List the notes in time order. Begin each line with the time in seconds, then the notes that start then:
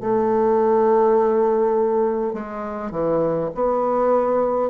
0.00 A3
2.34 G#3
2.91 E3
3.55 B3